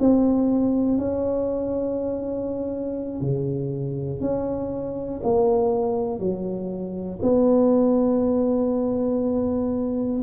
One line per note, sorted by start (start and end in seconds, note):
0.00 0.98 C4
0.98 3.21 C#4
3.21 4.20 C#3
4.20 5.20 C#4
5.23 6.20 A#3
6.20 7.20 F#3
7.22 10.22 B3